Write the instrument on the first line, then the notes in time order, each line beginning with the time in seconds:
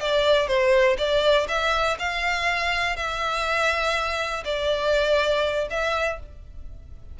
violin
0.00 D5
0.47 C5
0.98 D5
1.48 E5
1.99 F5
2.96 E5
4.45 D5
5.70 E5